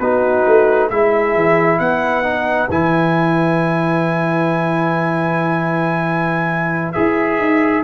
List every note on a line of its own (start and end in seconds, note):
0.00 0.45 B3
0.00 0.91 D#4
0.00 0.90 F#4
0.00 0.90 B4
0.46 0.91 A3
0.90 1.35 G#3
0.90 2.24 E4
0.90 1.79 G#4
0.90 1.79 E5
1.35 1.79 E3
1.79 2.69 B3
1.79 7.84 B4
1.79 2.69 F#5
2.24 2.68 D#4
2.69 6.95 E3
2.69 6.95 E4
2.69 6.93 G#5
6.93 7.38 E4
6.93 7.84 G#4
6.93 7.82 E5
7.38 7.83 D#4